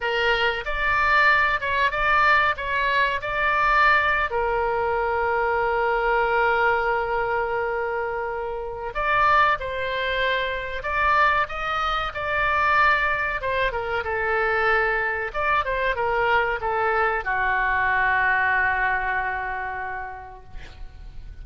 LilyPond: \new Staff \with { instrumentName = "oboe" } { \time 4/4 \tempo 4 = 94 ais'4 d''4. cis''8 d''4 | cis''4 d''4.~ d''16 ais'4~ ais'16~ | ais'1~ | ais'2 d''4 c''4~ |
c''4 d''4 dis''4 d''4~ | d''4 c''8 ais'8 a'2 | d''8 c''8 ais'4 a'4 fis'4~ | fis'1 | }